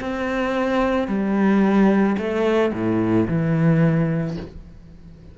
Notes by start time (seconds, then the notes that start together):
0.00 C4
1.07 G3
2.17 A3
2.72 A2
3.27 E3